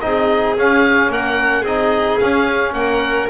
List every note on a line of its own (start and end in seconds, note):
0.00 0.57 C4
0.00 0.57 D#4
0.00 1.11 G#4
0.00 0.55 D#5
0.57 1.09 C#4
0.57 1.67 C#4
0.57 1.12 F5
1.09 1.64 A#3
1.09 1.62 A#4
1.09 1.65 F#5
1.62 2.19 C4
1.62 2.22 D#4
1.62 2.72 G#4
1.62 2.19 D#5
2.19 2.73 C#4
2.19 3.30 C#4
2.19 2.74 F5
2.73 3.28 A#3
2.73 3.30 A#4
2.73 3.29 F#5